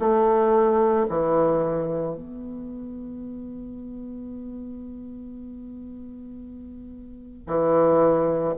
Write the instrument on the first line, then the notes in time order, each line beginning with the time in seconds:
bassoon
0.00 A3
1.10 E3
2.16 B3
7.47 E3